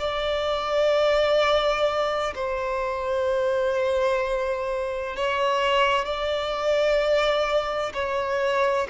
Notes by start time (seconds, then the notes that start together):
0.00 D5
2.35 C5
5.17 C#5
6.06 D5
7.94 C#5